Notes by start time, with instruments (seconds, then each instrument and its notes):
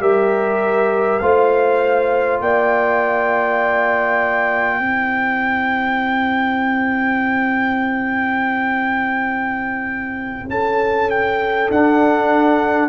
0.00 tuba G3, trombone G4, horn A#4, trumpet E5
1.20 tuba A3, trombone F4, horn C5, trumpet F5
2.41 tuba A#3, horn D5, trumpet G5
4.79 tuba C4, trombone E4, horn C5
10.49 tuba C#4, horn A4, trumpet A5
11.10 trumpet G5
11.71 tuba D4, trombone D4, trumpet F#5